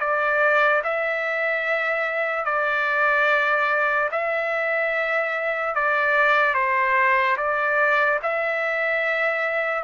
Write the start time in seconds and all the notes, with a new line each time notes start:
0.00 D5
0.84 E5
2.45 D5
4.12 E5
5.75 D5
6.55 C5
7.37 D5
8.23 E5